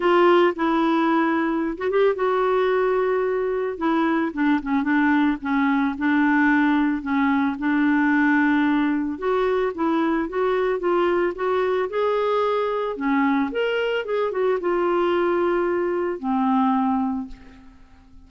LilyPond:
\new Staff \with { instrumentName = "clarinet" } { \time 4/4 \tempo 4 = 111 f'4 e'2~ e'16 fis'16 g'8 | fis'2. e'4 | d'8 cis'8 d'4 cis'4 d'4~ | d'4 cis'4 d'2~ |
d'4 fis'4 e'4 fis'4 | f'4 fis'4 gis'2 | cis'4 ais'4 gis'8 fis'8 f'4~ | f'2 c'2 | }